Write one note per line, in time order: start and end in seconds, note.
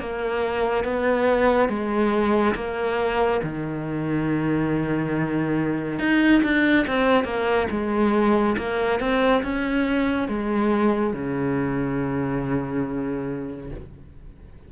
0.00 0.85 A#3
0.85 1.69 B3
1.69 2.55 G#3
2.55 3.41 A#3
3.43 5.99 D#3
5.99 6.42 D#4
6.43 6.86 D4
6.88 7.25 C4
7.25 7.68 A#3
7.71 8.57 G#3
8.58 9.00 A#3
9.00 9.43 C4
9.43 10.29 C#4
10.29 11.14 G#3
11.14 13.71 C#3